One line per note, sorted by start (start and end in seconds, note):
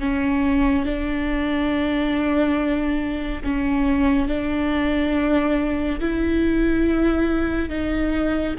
0.00 0.85 C#4
0.85 3.42 D4
3.44 4.28 C#4
4.28 6.00 D4
6.00 7.69 E4
7.69 8.55 D#4